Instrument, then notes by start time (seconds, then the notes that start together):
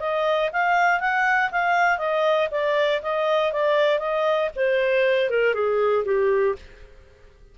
clarinet
0.00 D#5
0.53 F5
1.00 F#5
1.51 F5
1.98 D#5
2.51 D5
3.02 D#5
3.52 D5
3.99 D#5
4.56 C5
5.30 A#4
5.54 G#4
6.05 G4